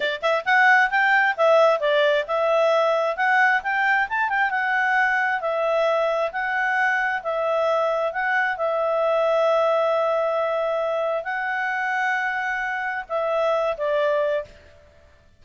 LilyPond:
\new Staff \with { instrumentName = "clarinet" } { \time 4/4 \tempo 4 = 133 d''8 e''8 fis''4 g''4 e''4 | d''4 e''2 fis''4 | g''4 a''8 g''8 fis''2 | e''2 fis''2 |
e''2 fis''4 e''4~ | e''1~ | e''4 fis''2.~ | fis''4 e''4. d''4. | }